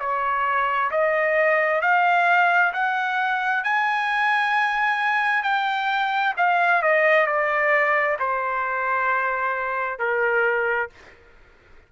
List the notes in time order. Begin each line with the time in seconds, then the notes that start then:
0.00 C#5
0.91 D#5
1.82 F5
2.74 F#5
3.64 G#5
5.43 G5
6.37 F5
6.83 D#5
7.27 D5
8.20 C5
9.99 A#4